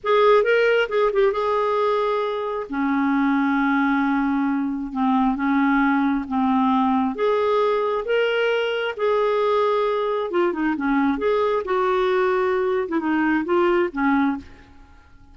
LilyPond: \new Staff \with { instrumentName = "clarinet" } { \time 4/4 \tempo 4 = 134 gis'4 ais'4 gis'8 g'8 gis'4~ | gis'2 cis'2~ | cis'2. c'4 | cis'2 c'2 |
gis'2 ais'2 | gis'2. f'8 dis'8 | cis'4 gis'4 fis'2~ | fis'8. e'16 dis'4 f'4 cis'4 | }